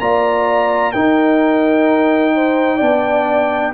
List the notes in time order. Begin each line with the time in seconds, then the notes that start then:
0.00 A#3 F4 D5 A#5
0.93 D#4 A#4 G5
2.35 C5
2.77 B3 D4 D5